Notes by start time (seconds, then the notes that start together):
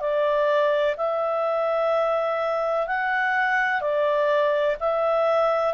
0.00 D5
0.97 E5
2.87 F#5
3.81 D5
4.79 E5